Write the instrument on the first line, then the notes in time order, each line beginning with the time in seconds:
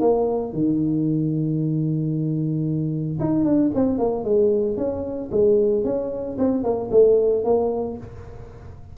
tuba
0.00 A#3
0.53 D#3
3.20 D#4
3.44 D4
3.75 C4
3.98 A#3
4.24 G#3
4.77 C#4
5.31 G#3
5.84 C#4
6.38 C4
6.63 A#3
6.91 A3
7.44 A#3